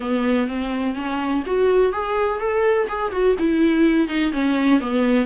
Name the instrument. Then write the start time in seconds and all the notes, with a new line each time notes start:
viola
0.00 B3
0.47 C4
0.95 C#4
1.46 F#4
1.92 G#4
2.39 A4
2.88 G#4
3.11 F#4
3.38 E4
4.08 D#4
4.32 C#4
4.80 B3